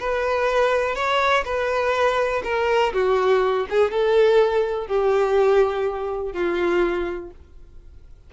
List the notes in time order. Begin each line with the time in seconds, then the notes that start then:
0.00 B4
0.96 C#5
1.45 B4
2.44 A#4
2.94 F#4
3.70 G#4
3.92 A4
4.88 G4
6.33 F4